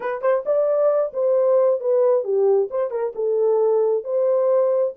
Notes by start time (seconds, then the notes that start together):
0.00 B4
0.21 C5
0.45 D5
1.13 C5
1.80 B4
2.24 G4
2.70 C5
2.90 A#4
3.15 A4
4.04 C5